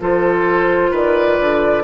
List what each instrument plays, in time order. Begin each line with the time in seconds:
0.00 bassoon F3, clarinet F4, oboe A4, flute C5
0.90 bassoon D#3, oboe B4, flute D5
1.40 bassoon D3